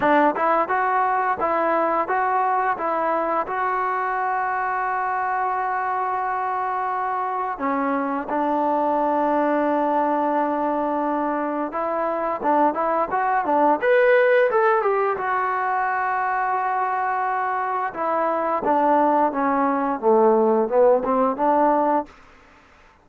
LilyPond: \new Staff \with { instrumentName = "trombone" } { \time 4/4 \tempo 4 = 87 d'8 e'8 fis'4 e'4 fis'4 | e'4 fis'2.~ | fis'2. cis'4 | d'1~ |
d'4 e'4 d'8 e'8 fis'8 d'8 | b'4 a'8 g'8 fis'2~ | fis'2 e'4 d'4 | cis'4 a4 b8 c'8 d'4 | }